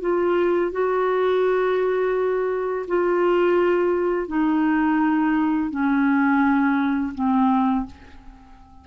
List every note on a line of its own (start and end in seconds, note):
0.00 0.71 F4
0.71 2.85 F#4
2.87 4.27 F4
4.27 5.70 D#4
5.70 7.13 C#4
7.14 7.85 C4